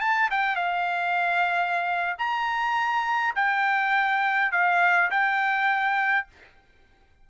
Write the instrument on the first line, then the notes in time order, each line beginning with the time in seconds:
trumpet
0.00 A5
0.30 G5
0.56 F5
2.18 A#5
3.35 G5
4.52 F5
5.11 G5